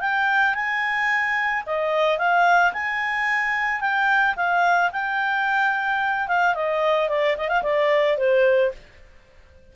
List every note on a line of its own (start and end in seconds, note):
0.00 0.54 G5
0.54 1.63 G#5
1.66 2.18 D#5
2.18 2.72 F5
2.72 3.80 G#5
3.80 4.35 G5
4.36 4.91 F5
4.92 6.28 G5
6.28 6.54 F5
6.54 7.09 D#5
7.09 7.36 D5
7.37 7.48 D#5
7.48 7.62 F5
7.62 8.17 D5
8.17 8.71 C5